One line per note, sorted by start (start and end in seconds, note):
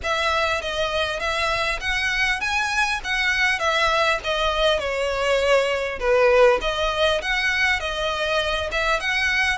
0.03 0.61 E5
0.61 1.19 D#5
1.19 1.79 E5
1.80 2.40 F#5
2.40 3.00 G#5
3.04 3.59 F#5
3.59 4.19 E5
4.24 4.79 D#5
4.79 5.99 C#5
5.99 6.59 B4
6.61 7.21 D#5
7.21 7.79 F#5
7.79 8.69 D#5
8.71 9.00 E5
9.00 9.58 F#5